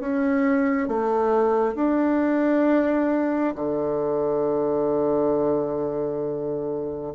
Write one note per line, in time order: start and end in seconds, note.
0.00 0.88 C#4
0.88 1.75 A3
1.75 3.54 D4
3.55 7.13 D3